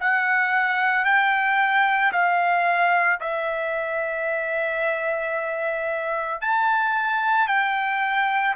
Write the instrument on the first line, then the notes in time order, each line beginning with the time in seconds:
trumpet
0.00 F#5
1.05 G5
2.12 F5
3.20 E5
6.41 A5
7.48 G5